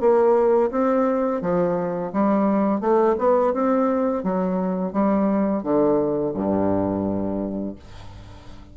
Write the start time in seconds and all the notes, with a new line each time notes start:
0.00 A#3
0.71 C4
1.41 F3
2.13 G3
2.80 A3
3.18 B3
3.53 C4
4.24 F#3
4.93 G3
5.63 D3
6.34 G2